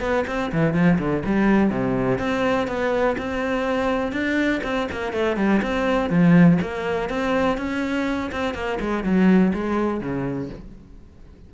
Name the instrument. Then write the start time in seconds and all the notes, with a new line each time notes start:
cello
0.00 B3
0.27 C4
0.52 E3
0.74 F3
0.98 D3
1.25 G3
1.70 C3
2.18 C4
2.67 B3
3.17 C4
4.12 D4
4.63 C4
4.92 A#3
5.12 A3
5.36 G3
5.62 C4
6.09 F3
6.61 A#3
7.09 C4
7.57 C#4
8.31 C4
8.54 A#3
8.80 G#3
9.04 F#3
9.54 G#3
10.00 C#3